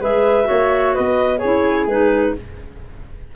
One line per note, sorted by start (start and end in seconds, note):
0.00 0.47 G#3
0.00 0.44 G#4
0.00 0.47 B4
0.00 0.94 E5
0.44 0.96 A#3
0.44 1.37 F#4
0.44 0.94 C#5
0.94 1.44 B3
0.94 1.38 B4
0.94 1.38 D#5
1.38 2.31 G#4
1.38 1.84 C#5
1.44 1.86 C#4
1.44 1.89 E4
1.86 2.33 G#3
1.86 2.35 D#4
1.86 2.35 B4